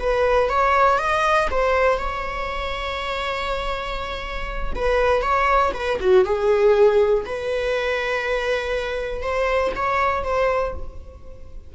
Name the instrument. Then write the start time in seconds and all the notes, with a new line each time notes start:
viola
0.00 B4
0.50 C#5
0.98 D#5
1.51 C5
1.98 C#5
4.75 B4
5.22 C#5
5.74 B4
6.00 F#4
6.25 G#4
7.26 B4
9.22 C5
9.76 C#5
10.24 C5